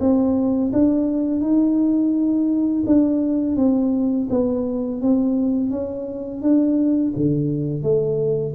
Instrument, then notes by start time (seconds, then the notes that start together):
tuba
0.00 C4
0.72 D4
1.41 D#4
2.86 D4
3.56 C4
4.30 B3
5.01 C4
5.70 C#4
6.42 D4
7.16 D3
7.83 A3